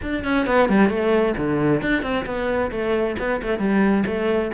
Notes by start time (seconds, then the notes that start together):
0.01 D4
0.24 C#4
0.46 B3
0.69 G3
0.89 A3
1.37 D3
1.81 D4
2.02 C4
2.25 B3
2.71 A3
3.18 B3
3.42 A3
3.59 G3
4.06 A3